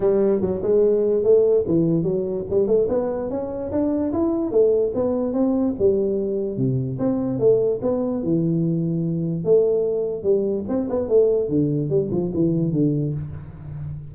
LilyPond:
\new Staff \with { instrumentName = "tuba" } { \time 4/4 \tempo 4 = 146 g4 fis8 gis4. a4 | e4 fis4 g8 a8 b4 | cis'4 d'4 e'4 a4 | b4 c'4 g2 |
c4 c'4 a4 b4 | e2. a4~ | a4 g4 c'8 b8 a4 | d4 g8 f8 e4 d4 | }